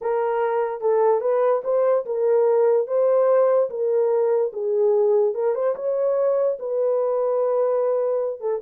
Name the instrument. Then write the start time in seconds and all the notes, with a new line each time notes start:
horn
0.01 A#4
0.80 A4
1.20 B4
1.64 C5
2.05 A#4
2.87 C5
3.69 A#4
4.52 G#4
5.34 A#4
5.54 C5
5.75 C#5
6.59 B4
8.40 A4